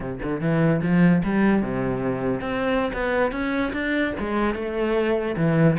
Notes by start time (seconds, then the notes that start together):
0.00 C3
0.22 D3
0.40 E3
0.81 F3
1.23 G3
1.62 C3
2.40 C4
2.93 B3
3.31 C#4
3.72 D4
4.19 G#3
4.54 A3
5.36 E3